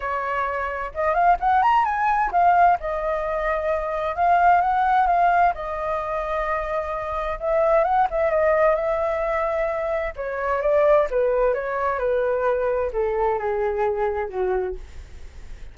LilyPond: \new Staff \with { instrumentName = "flute" } { \time 4/4 \tempo 4 = 130 cis''2 dis''8 f''8 fis''8 ais''8 | gis''4 f''4 dis''2~ | dis''4 f''4 fis''4 f''4 | dis''1 |
e''4 fis''8 e''8 dis''4 e''4~ | e''2 cis''4 d''4 | b'4 cis''4 b'2 | a'4 gis'2 fis'4 | }